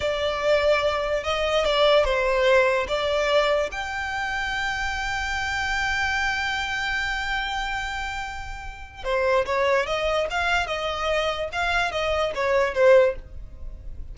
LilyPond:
\new Staff \with { instrumentName = "violin" } { \time 4/4 \tempo 4 = 146 d''2. dis''4 | d''4 c''2 d''4~ | d''4 g''2.~ | g''1~ |
g''1~ | g''2 c''4 cis''4 | dis''4 f''4 dis''2 | f''4 dis''4 cis''4 c''4 | }